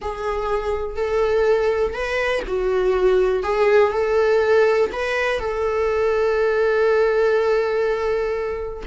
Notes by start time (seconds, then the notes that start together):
0.01 G#4
0.96 A4
1.93 B4
2.47 F#4
3.43 G#4
3.92 A4
4.92 B4
5.39 A4